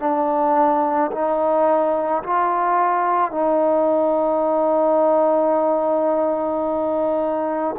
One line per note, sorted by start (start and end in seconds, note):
0.00 1.11 D4
1.12 2.23 D#4
2.23 3.31 F4
3.31 7.76 D#4